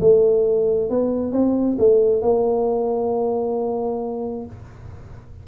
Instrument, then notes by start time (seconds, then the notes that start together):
tuba
0.00 A3
0.90 B3
1.32 C4
1.78 A3
2.22 A#3